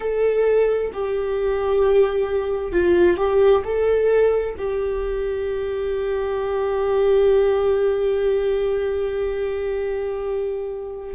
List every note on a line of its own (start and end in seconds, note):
0.00 0.91 A4
0.93 2.72 G4
2.72 3.17 F4
3.17 3.62 G4
3.64 4.55 A4
4.57 11.15 G4